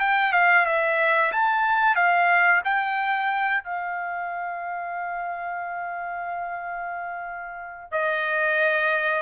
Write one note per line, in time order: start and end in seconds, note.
0.00 0.33 G5
0.33 0.66 F5
0.66 1.32 E5
1.32 1.96 A5
1.96 2.62 F5
2.65 3.64 G5
3.64 7.92 F5
7.92 9.22 D#5